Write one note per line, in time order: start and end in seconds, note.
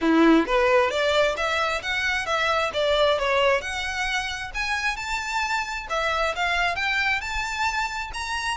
0.01 0.46 E4
0.46 0.90 B4
0.90 1.35 D5
1.36 1.81 E5
1.82 2.26 F#5
2.26 2.71 E5
2.73 3.18 D5
3.18 3.61 C#5
3.61 4.51 F#5
4.54 4.96 G#5
4.96 5.86 A5
5.89 6.34 E5
6.35 6.75 F5
6.75 7.20 G5
7.20 8.11 A5
8.13 8.57 A#5